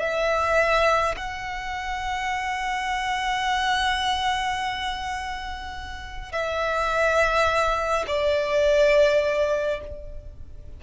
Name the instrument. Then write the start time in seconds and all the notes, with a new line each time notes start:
violin
0.00 E5
1.16 F#5
6.32 E5
8.08 D5